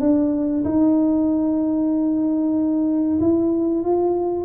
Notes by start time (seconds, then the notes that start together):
0.00 D4
0.64 D#4
3.20 E4
3.84 F4